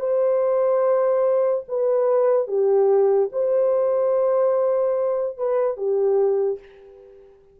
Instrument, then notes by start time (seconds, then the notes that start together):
horn
0.00 C5
1.68 B4
2.47 G4
3.33 C5
5.38 B4
5.77 G4